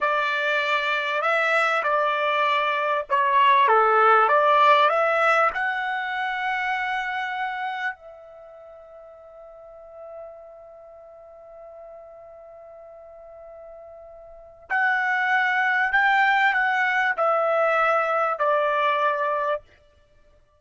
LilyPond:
\new Staff \with { instrumentName = "trumpet" } { \time 4/4 \tempo 4 = 98 d''2 e''4 d''4~ | d''4 cis''4 a'4 d''4 | e''4 fis''2.~ | fis''4 e''2.~ |
e''1~ | e''1 | fis''2 g''4 fis''4 | e''2 d''2 | }